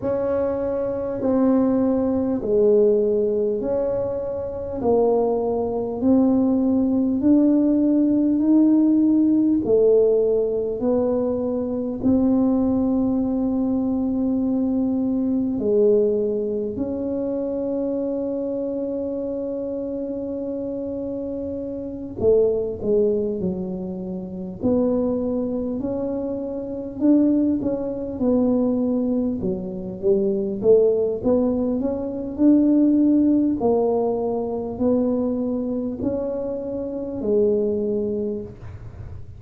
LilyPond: \new Staff \with { instrumentName = "tuba" } { \time 4/4 \tempo 4 = 50 cis'4 c'4 gis4 cis'4 | ais4 c'4 d'4 dis'4 | a4 b4 c'2~ | c'4 gis4 cis'2~ |
cis'2~ cis'8 a8 gis8 fis8~ | fis8 b4 cis'4 d'8 cis'8 b8~ | b8 fis8 g8 a8 b8 cis'8 d'4 | ais4 b4 cis'4 gis4 | }